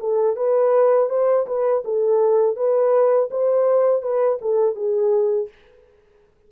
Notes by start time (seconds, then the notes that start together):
0.00 A4
0.36 B4
1.10 C5
1.47 B4
1.85 A4
2.56 B4
3.31 C5
4.02 B4
4.42 A4
4.76 G#4